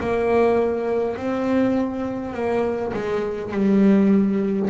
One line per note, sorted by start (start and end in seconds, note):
0.00 1.17 A#3
1.17 2.34 C4
2.34 2.93 A#3
2.93 3.51 G#3
3.51 4.69 G3